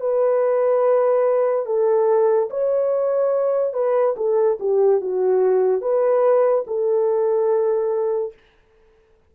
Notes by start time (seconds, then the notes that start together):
0.00 B4
1.66 A4
2.50 C#5
3.73 B4
4.17 A4
4.60 G4
5.01 F#4
5.81 B4
6.67 A4